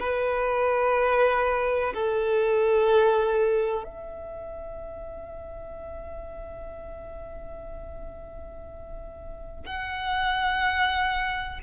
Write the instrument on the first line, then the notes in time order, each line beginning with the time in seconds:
violin
0.00 B4
1.94 A4
3.84 E5
9.66 F#5